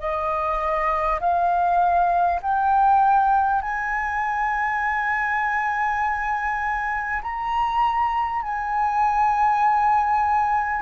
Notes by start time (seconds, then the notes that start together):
0.00 D#5
1.21 F5
2.42 G5
3.62 G#5
7.22 A#5
8.42 G#5